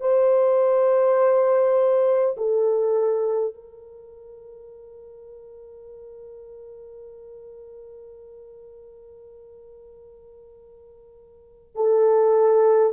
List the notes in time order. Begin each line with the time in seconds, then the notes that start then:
0.00 C5
2.37 A4
3.54 A#4
11.75 A4